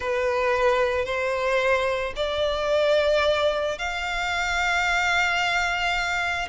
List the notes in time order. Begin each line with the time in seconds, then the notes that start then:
0.00 B4
1.05 C5
2.16 D5
3.78 F5